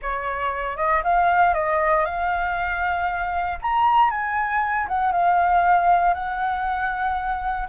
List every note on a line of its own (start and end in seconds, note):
0.02 0.76 C#5
0.76 1.02 D#5
1.03 1.54 F5
1.54 2.05 D#5
2.05 3.59 F5
3.62 4.10 A#5
4.10 4.87 G#5
4.88 5.11 F#5
5.11 6.14 F5
6.14 7.68 F#5